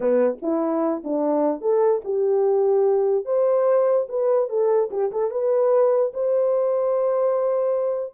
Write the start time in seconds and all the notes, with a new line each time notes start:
0.00 B3
0.42 E4
1.03 D4
1.61 A4
2.04 G4
3.25 C5
4.08 B4
4.49 A4
4.90 G4
5.11 A4
5.30 B4
6.13 C5